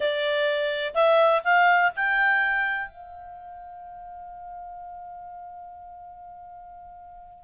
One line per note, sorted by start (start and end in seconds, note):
0.00 0.94 D5
0.94 1.42 E5
1.44 1.92 F5
1.96 2.88 G5
2.88 7.44 F5